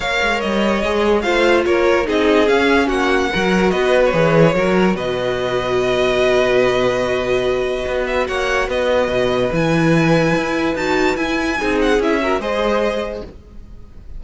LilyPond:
<<
  \new Staff \with { instrumentName = "violin" } { \time 4/4 \tempo 4 = 145 f''4 dis''2 f''4 | cis''4 dis''4 f''4 fis''4~ | fis''4 dis''8. cis''2~ cis''16 | dis''1~ |
dis''2.~ dis''8 e''8 | fis''4 dis''2 gis''4~ | gis''2 a''4 gis''4~ | gis''8 fis''8 e''4 dis''2 | }
  \new Staff \with { instrumentName = "violin" } { \time 4/4 cis''2. c''4 | ais'4 gis'2 fis'4 | ais'4 b'2 ais'4 | b'1~ |
b'1 | cis''4 b'2.~ | b'1 | gis'4. ais'8 c''2 | }
  \new Staff \with { instrumentName = "viola" } { \time 4/4 ais'2 gis'4 f'4~ | f'4 dis'4 cis'2 | fis'2 gis'4 fis'4~ | fis'1~ |
fis'1~ | fis'2. e'4~ | e'2 fis'4 e'4 | dis'4 e'8 fis'8 gis'2 | }
  \new Staff \with { instrumentName = "cello" } { \time 4/4 ais8 gis8 g4 gis4 a4 | ais4 c'4 cis'4 ais4 | fis4 b4 e4 fis4 | b,1~ |
b,2. b4 | ais4 b4 b,4 e4~ | e4 e'4 dis'4 e'4 | c'4 cis'4 gis2 | }
>>